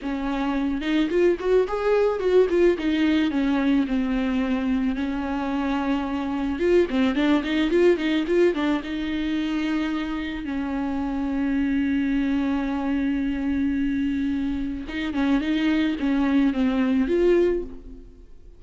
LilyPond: \new Staff \with { instrumentName = "viola" } { \time 4/4 \tempo 4 = 109 cis'4. dis'8 f'8 fis'8 gis'4 | fis'8 f'8 dis'4 cis'4 c'4~ | c'4 cis'2. | f'8 c'8 d'8 dis'8 f'8 dis'8 f'8 d'8 |
dis'2. cis'4~ | cis'1~ | cis'2. dis'8 cis'8 | dis'4 cis'4 c'4 f'4 | }